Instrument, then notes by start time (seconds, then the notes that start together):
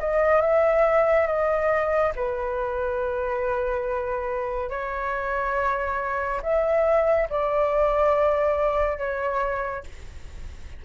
flute
0.00 D#5
0.42 E5
1.27 D#5
2.16 B4
4.70 C#5
6.43 E5
7.30 D5
8.98 C#5